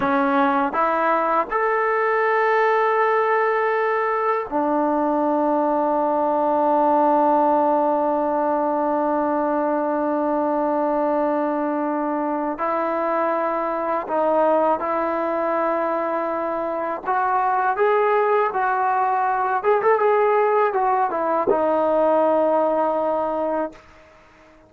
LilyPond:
\new Staff \with { instrumentName = "trombone" } { \time 4/4 \tempo 4 = 81 cis'4 e'4 a'2~ | a'2 d'2~ | d'1~ | d'1~ |
d'4 e'2 dis'4 | e'2. fis'4 | gis'4 fis'4. gis'16 a'16 gis'4 | fis'8 e'8 dis'2. | }